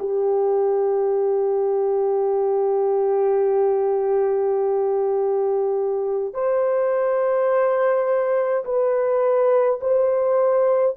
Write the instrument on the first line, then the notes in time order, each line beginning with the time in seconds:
horn
0.00 G4
6.34 C5
8.65 B4
9.81 C5